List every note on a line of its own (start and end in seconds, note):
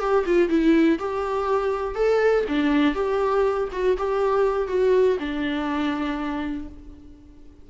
0.00 0.25 G4
0.26 0.49 F4
0.49 0.99 E4
0.99 1.95 G4
1.95 2.45 A4
2.48 2.95 D4
2.95 3.69 G4
3.72 3.97 F#4
3.98 4.68 G4
4.68 5.17 F#4
5.20 6.68 D4